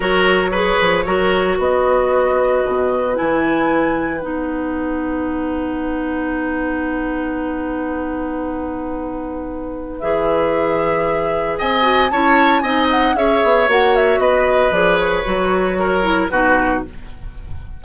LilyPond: <<
  \new Staff \with { instrumentName = "flute" } { \time 4/4 \tempo 4 = 114 cis''2. dis''4~ | dis''2 gis''2 | fis''1~ | fis''1~ |
fis''2. e''4~ | e''2 gis''4 a''4 | gis''8 fis''8 e''4 fis''8 e''8 dis''4 | d''8 cis''2~ cis''8 b'4 | }
  \new Staff \with { instrumentName = "oboe" } { \time 4/4 ais'4 b'4 ais'4 b'4~ | b'1~ | b'1~ | b'1~ |
b'1~ | b'2 dis''4 cis''4 | dis''4 cis''2 b'4~ | b'2 ais'4 fis'4 | }
  \new Staff \with { instrumentName = "clarinet" } { \time 4/4 fis'4 gis'4 fis'2~ | fis'2 e'2 | dis'1~ | dis'1~ |
dis'2. gis'4~ | gis'2~ gis'8 fis'8 e'4 | dis'4 gis'4 fis'2 | gis'4 fis'4. e'8 dis'4 | }
  \new Staff \with { instrumentName = "bassoon" } { \time 4/4 fis4. f8 fis4 b4~ | b4 b,4 e2 | b1~ | b1~ |
b2. e4~ | e2 c'4 cis'4 | c'4 cis'8 b8 ais4 b4 | f4 fis2 b,4 | }
>>